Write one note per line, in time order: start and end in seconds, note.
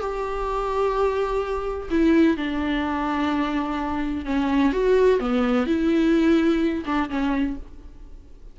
0.00 1.89 G4
1.90 2.37 E4
2.37 4.25 D4
4.25 4.72 C#4
4.73 5.20 F#4
5.20 5.66 B3
5.66 6.85 E4
6.86 7.10 D4
7.10 7.57 C#4